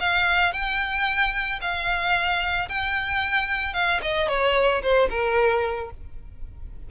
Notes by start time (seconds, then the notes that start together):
0.00 F5
0.53 G5
1.61 F5
2.69 G5
3.74 F5
4.02 D#5
4.28 C#5
4.82 C5
5.10 A#4